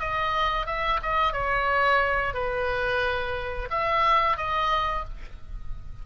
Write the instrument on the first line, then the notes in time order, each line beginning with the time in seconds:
oboe
0.00 D#5
0.66 E5
1.02 D#5
1.33 C#5
2.34 B4
3.70 E5
4.37 D#5